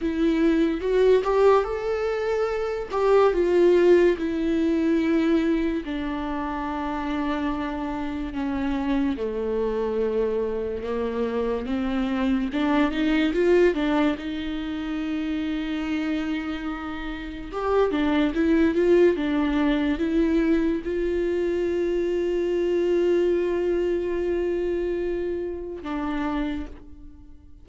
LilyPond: \new Staff \with { instrumentName = "viola" } { \time 4/4 \tempo 4 = 72 e'4 fis'8 g'8 a'4. g'8 | f'4 e'2 d'4~ | d'2 cis'4 a4~ | a4 ais4 c'4 d'8 dis'8 |
f'8 d'8 dis'2.~ | dis'4 g'8 d'8 e'8 f'8 d'4 | e'4 f'2.~ | f'2. d'4 | }